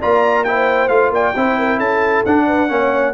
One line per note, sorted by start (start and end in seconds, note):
0.00 0.89 A#3
0.00 0.45 F4
0.00 0.45 D5
0.00 0.44 A#5
0.44 0.89 E4
0.44 1.13 C5
0.44 0.88 G5
0.88 1.10 A3
0.88 1.33 F4
0.88 1.11 F5
1.10 1.32 A#3
1.10 1.36 D5
1.10 1.79 G5
1.36 1.79 C4
1.36 2.26 E4
1.36 1.58 C5
1.58 1.77 A#4
1.77 2.24 C#4
1.77 2.45 A4
1.77 2.24 A5
2.25 2.70 D4
2.25 2.68 D4
2.25 3.14 F#5
2.46 2.69 B4
2.68 3.14 A#3
2.68 3.13 C#4
2.68 3.14 C#5